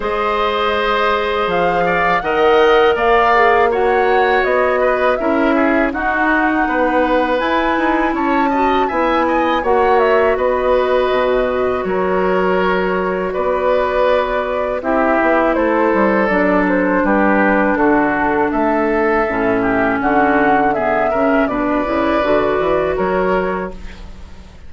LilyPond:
<<
  \new Staff \with { instrumentName = "flute" } { \time 4/4 \tempo 4 = 81 dis''2 f''4 fis''4 | f''4 fis''4 dis''4 e''4 | fis''2 gis''4 a''4 | gis''4 fis''8 e''8 dis''2 |
cis''2 d''2 | e''4 c''4 d''8 c''8 b'4 | a'4 e''2 fis''4 | e''4 d''2 cis''4 | }
  \new Staff \with { instrumentName = "oboe" } { \time 4/4 c''2~ c''8 d''8 dis''4 | d''4 cis''4. b'8 ais'8 gis'8 | fis'4 b'2 cis''8 dis''8 | e''8 dis''8 cis''4 b'2 |
ais'2 b'2 | g'4 a'2 g'4 | fis'4 a'4. g'8 fis'4 | gis'8 ais'8 b'2 ais'4 | }
  \new Staff \with { instrumentName = "clarinet" } { \time 4/4 gis'2. ais'4~ | ais'8 gis'8 fis'2 e'4 | dis'2 e'4. fis'8 | e'4 fis'2.~ |
fis'1 | e'2 d'2~ | d'2 cis'2 | b8 cis'8 d'8 e'8 fis'2 | }
  \new Staff \with { instrumentName = "bassoon" } { \time 4/4 gis2 f4 dis4 | ais2 b4 cis'4 | dis'4 b4 e'8 dis'8 cis'4 | b4 ais4 b4 b,4 |
fis2 b2 | c'8 b8 a8 g8 fis4 g4 | d4 a4 a,4 d4~ | d8 cis8 b,8 cis8 d8 e8 fis4 | }
>>